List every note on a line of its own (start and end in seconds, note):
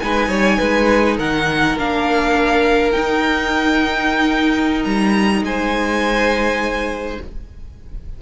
0.00 0.29 G#3
0.00 1.78 D#4
0.00 0.29 B4
0.00 1.18 G#5
0.29 0.58 G3
0.29 0.59 C#5
0.59 1.19 G#3
0.59 1.17 B4
1.17 1.78 D#3
1.17 5.44 A#4
1.17 1.78 F#5
1.78 2.96 A#3
1.78 2.93 D4
1.78 2.92 F5
2.92 7.20 D#4
2.92 4.85 D#4
2.92 4.83 G5
4.84 5.42 G3
4.84 5.43 A#5
5.42 7.18 G#3
5.42 7.22 C5
5.42 7.22 G#5